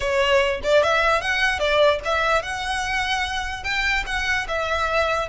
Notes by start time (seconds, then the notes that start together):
0.00 C#5
0.63 D5
0.83 E5
1.21 F#5
1.59 D5
2.04 E5
2.42 F#5
3.63 G5
4.06 F#5
4.47 E5